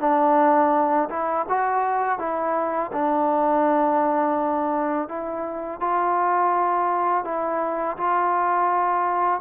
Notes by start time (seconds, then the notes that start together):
0.00 D4
1.09 E4
1.49 F#4
2.19 E4
2.92 D4
5.08 E4
5.80 F4
7.25 E4
7.97 F4